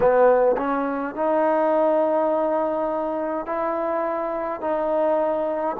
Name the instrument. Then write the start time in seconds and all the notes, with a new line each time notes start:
trombone
0.00 B3
0.57 C#4
1.15 D#4
3.46 E4
4.60 D#4